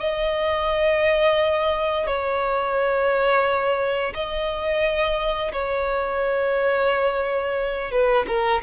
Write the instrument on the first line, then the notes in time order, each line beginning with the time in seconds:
violin
0.00 D#5
2.07 C#5
4.14 D#5
5.52 C#5
7.91 B4
8.27 A#4